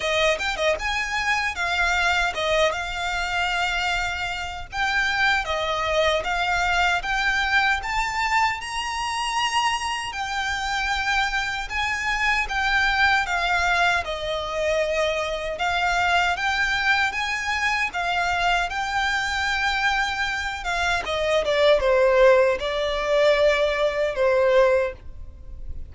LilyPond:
\new Staff \with { instrumentName = "violin" } { \time 4/4 \tempo 4 = 77 dis''8 g''16 dis''16 gis''4 f''4 dis''8 f''8~ | f''2 g''4 dis''4 | f''4 g''4 a''4 ais''4~ | ais''4 g''2 gis''4 |
g''4 f''4 dis''2 | f''4 g''4 gis''4 f''4 | g''2~ g''8 f''8 dis''8 d''8 | c''4 d''2 c''4 | }